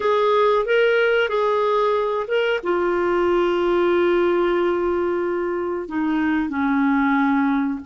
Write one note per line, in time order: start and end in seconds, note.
0.00 0.65 G#4
0.65 1.28 A#4
1.28 2.26 G#4
2.27 2.60 A#4
2.63 5.88 F4
5.88 6.49 D#4
6.49 7.79 C#4